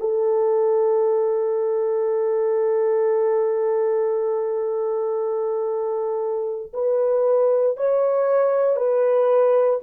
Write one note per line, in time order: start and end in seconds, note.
0.00 6.72 A4
6.73 7.77 B4
7.77 8.76 C#5
8.76 9.79 B4